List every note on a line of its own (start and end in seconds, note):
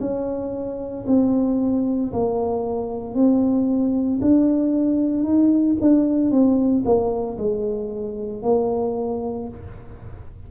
0.00 1.05 C#4
1.07 2.12 C4
2.12 3.14 A#3
3.14 4.20 C4
4.22 5.23 D4
5.23 5.76 D#4
5.81 6.31 D4
6.31 6.84 C4
6.85 7.37 A#3
7.38 8.43 G#3
8.43 9.48 A#3